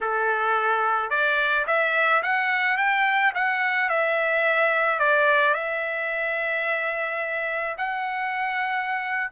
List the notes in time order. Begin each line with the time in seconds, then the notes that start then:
0.00 A4
1.10 D5
1.66 E5
2.22 F#5
2.77 G5
3.34 F#5
3.89 E5
4.98 D5
5.54 E5
7.77 F#5